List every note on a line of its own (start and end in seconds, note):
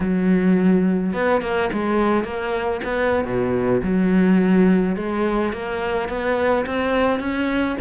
0.00 1.13 F#3
1.13 1.41 B3
1.41 1.70 A#3
1.72 2.24 G#3
2.24 2.80 A#3
2.84 3.24 B3
3.24 3.81 B2
3.82 4.96 F#3
4.96 5.52 G#3
5.52 6.08 A#3
6.08 6.65 B3
6.66 7.19 C4
7.19 7.76 C#4